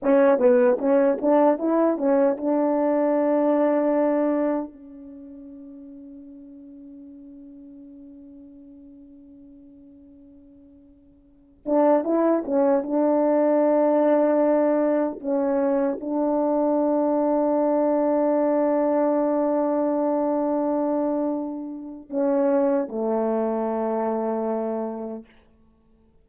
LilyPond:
\new Staff \with { instrumentName = "horn" } { \time 4/4 \tempo 4 = 76 cis'8 b8 cis'8 d'8 e'8 cis'8 d'4~ | d'2 cis'2~ | cis'1~ | cis'2~ cis'8. d'8 e'8 cis'16~ |
cis'16 d'2. cis'8.~ | cis'16 d'2.~ d'8.~ | d'1 | cis'4 a2. | }